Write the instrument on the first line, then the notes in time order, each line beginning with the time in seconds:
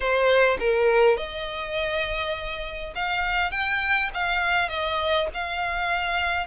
violin
0.00 C5
0.59 A#4
1.17 D#5
2.95 F5
3.51 G5
4.14 F5
4.68 D#5
5.33 F5